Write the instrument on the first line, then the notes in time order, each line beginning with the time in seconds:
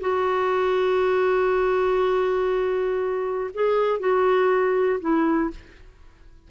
clarinet
0.00 F#4
3.54 G#4
3.99 F#4
5.00 E4